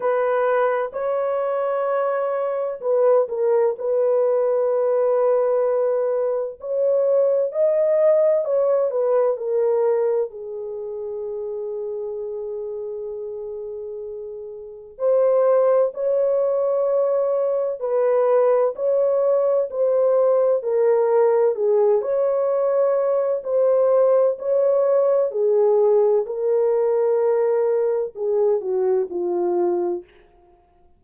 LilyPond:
\new Staff \with { instrumentName = "horn" } { \time 4/4 \tempo 4 = 64 b'4 cis''2 b'8 ais'8 | b'2. cis''4 | dis''4 cis''8 b'8 ais'4 gis'4~ | gis'1 |
c''4 cis''2 b'4 | cis''4 c''4 ais'4 gis'8 cis''8~ | cis''4 c''4 cis''4 gis'4 | ais'2 gis'8 fis'8 f'4 | }